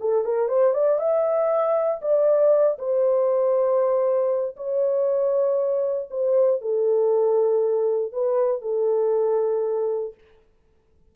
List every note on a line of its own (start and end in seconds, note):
0.00 0.24 A4
0.24 0.49 A#4
0.49 0.73 C5
0.73 0.99 D5
0.99 2.01 E5
2.02 2.78 D5
2.78 4.56 C5
4.56 6.09 C#5
6.11 6.61 C5
6.61 8.12 A4
8.12 8.62 B4
8.62 10.14 A4